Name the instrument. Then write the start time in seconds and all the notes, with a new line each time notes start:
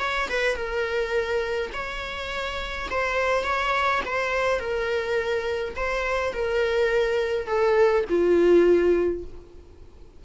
viola
0.00 C#5
0.30 B4
0.56 A#4
1.74 C#5
2.91 C5
3.44 C#5
4.06 C5
4.60 A#4
5.77 C5
6.34 A#4
7.47 A4
8.10 F4